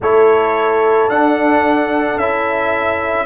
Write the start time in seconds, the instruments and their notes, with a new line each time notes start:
0.00 tuba A3, trombone E4, horn A4, trumpet C#5
1.08 tuba D4, trombone D4, trumpet F#5
2.16 tuba C#4, trombone E4, trumpet E5